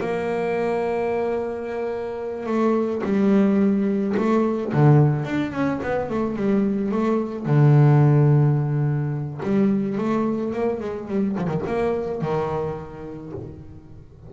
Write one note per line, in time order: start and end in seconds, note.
0.00 2.46 A#3
2.46 3.02 A3
3.04 4.15 G3
4.17 4.72 A3
4.72 5.24 D3
5.24 5.52 D4
5.52 5.80 C#4
5.82 6.10 B3
6.10 6.35 A3
6.35 6.91 G3
6.91 7.46 A3
7.46 9.40 D3
9.42 9.97 G3
9.97 10.53 A3
10.53 10.80 A#3
10.80 11.08 G#3
11.08 11.36 G3
11.37 11.47 F3
11.47 11.61 D#3
11.66 12.21 A#3
12.21 13.32 D#3